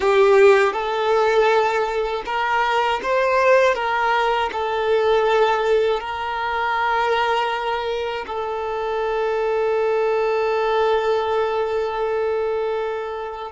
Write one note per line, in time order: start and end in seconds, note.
0.00 0.72 G4
0.72 2.22 A4
2.25 3.00 A#4
3.02 3.75 C5
3.75 4.50 A#4
4.52 6.00 A4
6.00 8.25 A#4
8.27 13.51 A4